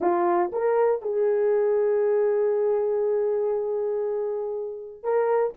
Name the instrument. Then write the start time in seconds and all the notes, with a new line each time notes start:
horn
0.00 F4
0.52 A#4
1.02 G#4
5.03 A#4